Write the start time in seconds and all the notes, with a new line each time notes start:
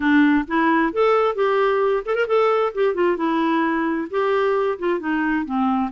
0.00 D4
0.47 E4
0.93 A4
1.35 G4
2.05 A4
2.15 A#4
2.27 A4
2.74 G4
2.94 F4
3.17 E4
4.10 G4
4.79 F4
4.99 D#4
5.45 C4